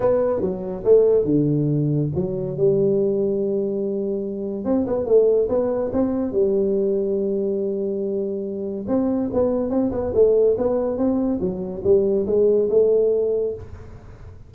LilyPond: \new Staff \with { instrumentName = "tuba" } { \time 4/4 \tempo 4 = 142 b4 fis4 a4 d4~ | d4 fis4 g2~ | g2. c'8 b8 | a4 b4 c'4 g4~ |
g1~ | g4 c'4 b4 c'8 b8 | a4 b4 c'4 fis4 | g4 gis4 a2 | }